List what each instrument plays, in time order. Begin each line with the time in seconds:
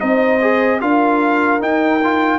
0.00 tuba C4, trombone D#4, horn C5, trumpet D#5
0.42 trombone G#4
0.81 tuba D4, trombone F4, horn A#4, trumpet F5
1.60 trombone D#4, tuba D#4, trumpet G5
2.04 trombone F4